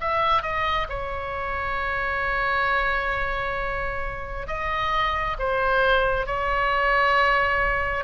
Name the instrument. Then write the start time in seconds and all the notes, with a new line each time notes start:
oboe
0.00 E5
0.42 D#5
0.89 C#5
4.47 D#5
5.39 C5
6.26 C#5